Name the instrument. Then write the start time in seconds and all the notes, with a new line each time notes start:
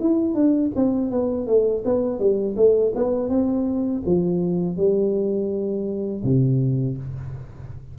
tuba
0.00 E4
0.34 D4
0.75 C4
1.11 B3
1.47 A3
1.85 B3
2.19 G3
2.56 A3
2.95 B3
3.29 C4
4.06 F3
4.77 G3
6.24 C3